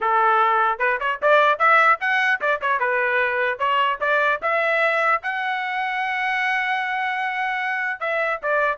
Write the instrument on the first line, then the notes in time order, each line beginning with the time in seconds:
trumpet
0.00 A4
0.78 B4
1.00 C#5
1.21 D5
1.59 E5
2.00 F#5
2.41 D5
2.61 C#5
2.79 B4
3.59 C#5
4.00 D5
4.42 E5
5.22 F#5
7.99 E5
8.42 D5